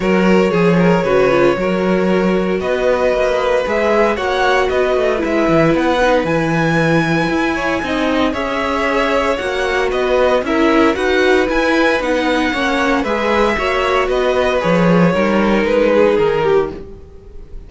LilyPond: <<
  \new Staff \with { instrumentName = "violin" } { \time 4/4 \tempo 4 = 115 cis''1~ | cis''4 dis''2 e''4 | fis''4 dis''4 e''4 fis''4 | gis''1 |
e''2 fis''4 dis''4 | e''4 fis''4 gis''4 fis''4~ | fis''4 e''2 dis''4 | cis''2 b'4 ais'4 | }
  \new Staff \with { instrumentName = "violin" } { \time 4/4 ais'4 gis'8 ais'8 b'4 ais'4~ | ais'4 b'2. | cis''4 b'2.~ | b'2~ b'8 cis''8 dis''4 |
cis''2. b'4 | ais'4 b'2. | cis''4 b'4 cis''4 b'4~ | b'4 ais'4. gis'4 g'8 | }
  \new Staff \with { instrumentName = "viola" } { \time 4/4 fis'4 gis'4 fis'8 f'8 fis'4~ | fis'2. gis'4 | fis'2 e'4. dis'8 | e'2. dis'4 |
gis'2 fis'2 | e'4 fis'4 e'4 dis'4 | cis'4 gis'4 fis'2 | gis'4 dis'2. | }
  \new Staff \with { instrumentName = "cello" } { \time 4/4 fis4 f4 cis4 fis4~ | fis4 b4 ais4 gis4 | ais4 b8 a8 gis8 e8 b4 | e2 e'4 c'4 |
cis'2 ais4 b4 | cis'4 dis'4 e'4 b4 | ais4 gis4 ais4 b4 | f4 g4 gis4 dis4 | }
>>